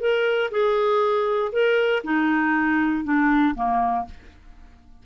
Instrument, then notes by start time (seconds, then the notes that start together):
clarinet
0.00 A#4
0.51 G#4
1.52 A#4
2.04 D#4
3.05 D4
3.55 A#3